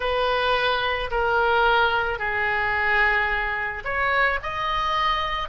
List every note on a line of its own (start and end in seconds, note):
0.00 1.10 B4
1.10 2.18 A#4
2.18 3.83 G#4
3.84 4.39 C#5
4.42 5.48 D#5